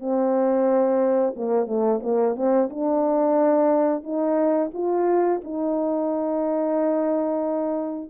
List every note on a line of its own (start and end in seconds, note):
0.00 1.35 C4
1.36 1.67 A#3
1.67 2.01 A3
2.03 2.36 A#3
2.36 2.70 C4
2.71 4.04 D4
4.04 4.71 D#4
4.74 5.41 F4
5.44 8.10 D#4